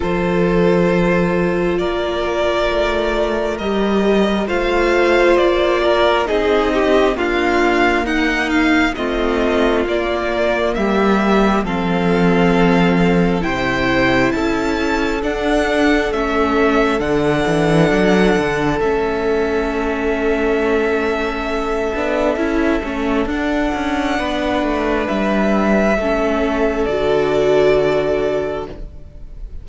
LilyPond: <<
  \new Staff \with { instrumentName = "violin" } { \time 4/4 \tempo 4 = 67 c''2 d''2 | dis''4 f''4 d''4 dis''4 | f''4 fis''8 f''8 dis''4 d''4 | e''4 f''2 g''4 |
a''4 fis''4 e''4 fis''4~ | fis''4 e''2.~ | e''2 fis''2 | e''2 d''2 | }
  \new Staff \with { instrumentName = "violin" } { \time 4/4 a'2 ais'2~ | ais'4 c''4. ais'8 gis'8 g'8 | f'4 dis'4 f'2 | g'4 a'2 c''4 |
a'1~ | a'1~ | a'2. b'4~ | b'4 a'2. | }
  \new Staff \with { instrumentName = "viola" } { \time 4/4 f'1 | g'4 f'2 dis'4 | ais2 c'4 ais4~ | ais4 c'2 e'4~ |
e'4 d'4 cis'4 d'4~ | d'4 cis'2.~ | cis'8 d'8 e'8 cis'8 d'2~ | d'4 cis'4 fis'2 | }
  \new Staff \with { instrumentName = "cello" } { \time 4/4 f2 ais4 a4 | g4 a4 ais4 c'4 | d'4 dis'4 a4 ais4 | g4 f2 c4 |
cis'4 d'4 a4 d8 e8 | fis8 d8 a2.~ | a8 b8 cis'8 a8 d'8 cis'8 b8 a8 | g4 a4 d2 | }
>>